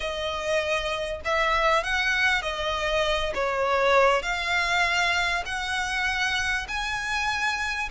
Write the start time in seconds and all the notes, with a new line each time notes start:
0.00 D#5
1.24 E5
1.83 F#5
2.41 D#5
3.34 C#5
4.22 F5
5.45 F#5
6.68 G#5